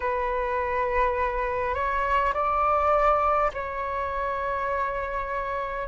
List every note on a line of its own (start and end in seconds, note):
0.00 1.74 B4
1.74 2.33 C#5
2.33 3.51 D5
3.53 5.88 C#5